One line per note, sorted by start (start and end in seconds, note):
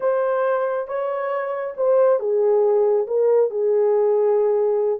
0.00 0.87 C5
0.87 1.74 C#5
1.76 2.19 C5
2.19 3.06 G#4
3.07 3.50 A#4
3.50 4.99 G#4